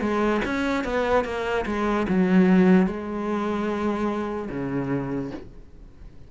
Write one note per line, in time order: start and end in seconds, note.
0.00 0.41 G#3
0.45 0.84 C#4
0.84 1.24 B3
1.24 1.65 A#3
1.65 2.06 G#3
2.08 2.86 F#3
2.86 4.49 G#3
4.50 5.31 C#3